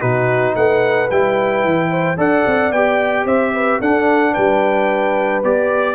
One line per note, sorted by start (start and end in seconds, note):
0.00 0.55 B2
0.00 1.08 D#4
0.00 0.54 F#4
0.00 0.54 B4
0.55 1.09 A3
0.55 1.90 B4
0.55 1.09 F#5
1.10 1.64 G3
1.10 2.17 E4
1.10 2.18 G5
1.64 2.17 E3
1.90 2.17 C5
2.17 2.44 D4
2.17 2.71 A4
2.17 3.25 D5
2.17 2.72 F#5
2.46 2.71 C4
2.71 3.25 B3
2.71 3.82 G4
2.71 3.26 G5
3.25 3.79 C4
3.25 3.52 C5
3.25 3.80 E5
3.54 3.79 B4
3.79 4.35 D4
3.79 5.43 D4
3.79 4.32 A4
3.79 4.33 F#5
4.32 5.43 G3
4.32 5.94 B4
4.32 5.42 G5
5.43 5.94 B3
5.43 5.94 G4
5.43 5.94 D5